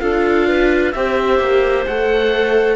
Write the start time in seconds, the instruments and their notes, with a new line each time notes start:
0.00 cello D4, viola F4, clarinet A4, oboe F5
0.48 clarinet B4
0.92 cello C4, viola G4, clarinet C5, oboe E5
1.39 cello A#3
1.86 cello A3, viola A4, oboe F#5